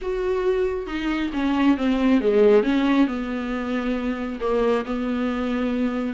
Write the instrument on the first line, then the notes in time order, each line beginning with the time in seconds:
viola
0.01 F#4
0.86 D#4
1.33 C#4
1.77 C4
2.20 G#3
2.63 C#4
3.07 B3
4.40 A#3
4.85 B3